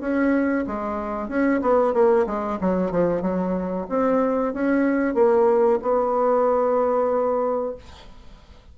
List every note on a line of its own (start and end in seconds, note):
0.00 0.65 C#4
0.67 1.28 G#3
1.28 1.60 C#4
1.61 1.93 B3
1.93 2.26 A#3
2.26 2.58 G#3
2.60 2.91 F#3
2.91 3.21 F3
3.21 3.86 F#3
3.89 4.53 C4
4.53 5.14 C#4
5.14 5.79 A#3
5.82 7.75 B3